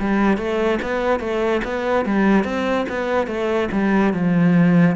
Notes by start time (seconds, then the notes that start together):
0.00 G3
0.38 A3
0.83 B3
1.20 A3
1.65 B3
2.06 G3
2.45 C4
2.89 B3
3.28 A3
3.72 G3
4.14 F3